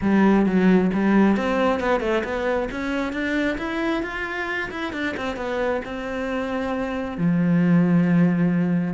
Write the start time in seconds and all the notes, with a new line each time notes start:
0.01 G3
0.46 F#3
0.93 G3
1.37 C4
1.80 B3
2.00 A3
2.23 B3
2.71 C#4
3.12 D4
3.58 E4
4.03 F4
4.70 E4
4.93 D4
5.16 C4
5.36 B3
5.84 C4
7.17 F3